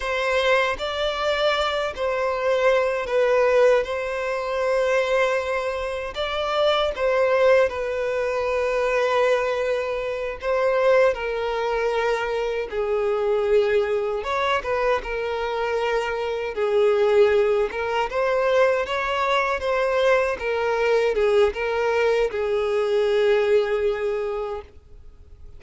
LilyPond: \new Staff \with { instrumentName = "violin" } { \time 4/4 \tempo 4 = 78 c''4 d''4. c''4. | b'4 c''2. | d''4 c''4 b'2~ | b'4. c''4 ais'4.~ |
ais'8 gis'2 cis''8 b'8 ais'8~ | ais'4. gis'4. ais'8 c''8~ | c''8 cis''4 c''4 ais'4 gis'8 | ais'4 gis'2. | }